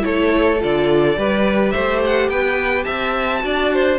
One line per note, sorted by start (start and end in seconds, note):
0.00 0.62 A3
0.00 0.57 E4
0.00 1.18 A4
0.00 0.61 C#5
0.60 1.16 D3
0.60 1.17 F4
0.60 1.71 D5
1.16 1.73 G3
1.16 3.39 G4
1.16 1.73 B4
1.71 2.29 A3
1.71 2.29 C5
1.71 1.99 E5
2.05 2.29 F#5
2.29 2.85 B3
2.29 2.85 B4
2.29 2.83 G5
2.83 3.44 C4
2.83 3.41 E5
2.83 3.97 A5
3.39 3.99 D4
3.39 3.96 F#4
3.39 3.73 D5
3.73 3.99 C5